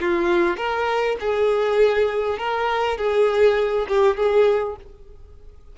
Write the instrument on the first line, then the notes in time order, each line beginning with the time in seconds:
violin
0.00 F4
0.57 A#4
1.20 G#4
2.38 A#4
2.97 G#4
3.88 G4
4.17 G#4